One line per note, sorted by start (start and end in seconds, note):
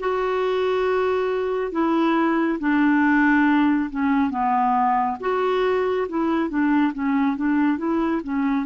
0.00 1.72 F#4
1.72 2.59 E4
2.59 3.90 D4
3.91 4.30 C#4
4.30 5.17 B3
5.21 6.08 F#4
6.09 6.49 E4
6.49 6.93 D4
6.93 7.36 C#4
7.36 7.78 D4
7.78 8.21 E4
8.24 8.66 C#4